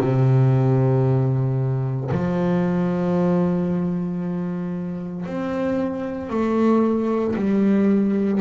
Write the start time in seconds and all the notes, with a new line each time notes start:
0.00 C3
2.11 F3
5.26 C4
6.30 A3
7.36 G3